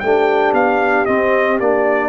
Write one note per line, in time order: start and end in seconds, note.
0.00 0.53 A3
0.00 1.06 D4
0.00 2.09 G4
0.00 0.53 G5
0.53 1.05 B3
0.53 1.05 F5
1.05 1.59 C4
1.05 1.60 C4
1.05 1.58 D#5
1.60 2.09 A#3
1.60 2.09 D4
1.60 2.09 D5